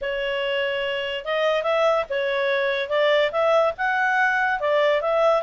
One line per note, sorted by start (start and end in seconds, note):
0.01 1.24 C#5
1.24 1.62 D#5
1.62 2.04 E5
2.09 2.89 C#5
2.89 3.30 D5
3.31 3.73 E5
3.77 4.59 F#5
4.59 5.01 D5
5.01 5.42 E5